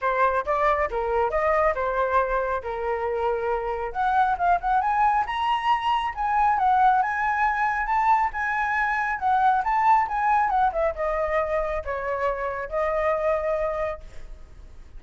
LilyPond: \new Staff \with { instrumentName = "flute" } { \time 4/4 \tempo 4 = 137 c''4 d''4 ais'4 dis''4 | c''2 ais'2~ | ais'4 fis''4 f''8 fis''8 gis''4 | ais''2 gis''4 fis''4 |
gis''2 a''4 gis''4~ | gis''4 fis''4 a''4 gis''4 | fis''8 e''8 dis''2 cis''4~ | cis''4 dis''2. | }